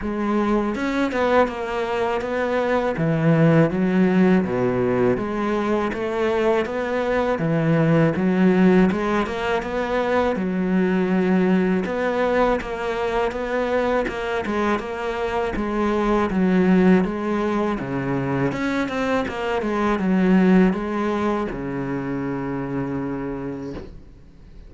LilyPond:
\new Staff \with { instrumentName = "cello" } { \time 4/4 \tempo 4 = 81 gis4 cis'8 b8 ais4 b4 | e4 fis4 b,4 gis4 | a4 b4 e4 fis4 | gis8 ais8 b4 fis2 |
b4 ais4 b4 ais8 gis8 | ais4 gis4 fis4 gis4 | cis4 cis'8 c'8 ais8 gis8 fis4 | gis4 cis2. | }